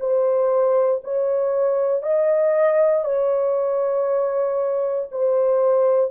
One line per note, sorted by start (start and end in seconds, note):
0.00 1.02 C5
1.04 2.03 C#5
2.03 3.05 D#5
3.05 5.08 C#5
5.12 6.11 C5